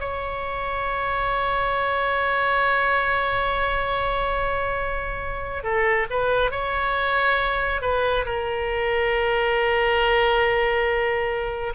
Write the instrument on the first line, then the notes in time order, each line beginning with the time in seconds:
oboe
0.00 C#5
5.64 A4
6.11 B4
6.51 C#5
7.82 B4
8.26 A#4